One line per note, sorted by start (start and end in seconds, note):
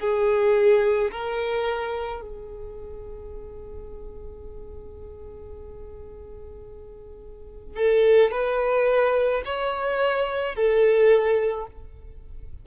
0.00 1.11 G#4
1.11 2.22 A#4
2.22 7.76 G#4
7.76 8.31 A4
8.31 9.42 B4
9.45 10.56 C#5
10.56 11.67 A4